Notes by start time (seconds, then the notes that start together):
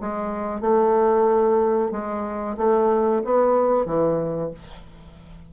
0.00 G#3
0.60 A3
1.91 G#3
2.57 A3
3.24 B3
3.85 E3